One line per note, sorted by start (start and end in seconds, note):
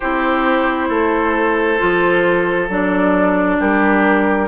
0.00 0.89 C4
0.00 1.78 E4
0.00 0.88 G4
0.00 2.69 C5
0.88 1.79 A3
0.88 3.57 A4
1.78 2.68 F3
1.78 2.68 F4
2.68 3.58 F#3
2.68 4.48 D4
2.68 3.60 D5
3.59 4.48 G3
3.59 4.48 G4
3.59 4.48 A#4